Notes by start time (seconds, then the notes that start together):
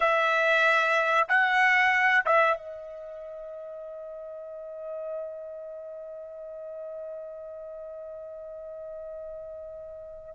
0.00 E5
1.28 F#5
2.25 E5
2.57 D#5